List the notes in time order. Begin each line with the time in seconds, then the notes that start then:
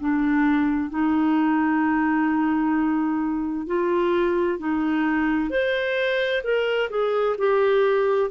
0.00 D4
0.90 D#4
3.67 F4
4.59 D#4
5.50 C5
6.44 A#4
6.90 G#4
7.38 G4